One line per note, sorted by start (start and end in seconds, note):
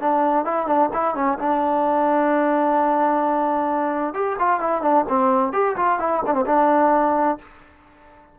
0.00 0.45 D4
0.45 0.67 E4
0.67 0.90 D4
0.93 1.15 E4
1.15 1.38 C#4
1.39 4.14 D4
4.14 4.37 G4
4.39 4.60 F4
4.60 4.82 E4
4.82 5.05 D4
5.08 5.52 C4
5.52 5.75 G4
5.76 5.99 F4
6.00 6.23 E4
6.26 6.34 D4
6.34 6.45 C4
6.46 7.38 D4